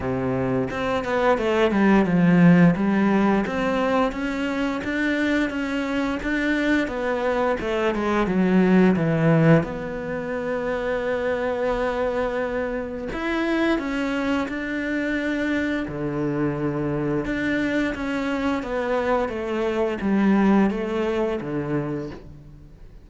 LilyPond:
\new Staff \with { instrumentName = "cello" } { \time 4/4 \tempo 4 = 87 c4 c'8 b8 a8 g8 f4 | g4 c'4 cis'4 d'4 | cis'4 d'4 b4 a8 gis8 | fis4 e4 b2~ |
b2. e'4 | cis'4 d'2 d4~ | d4 d'4 cis'4 b4 | a4 g4 a4 d4 | }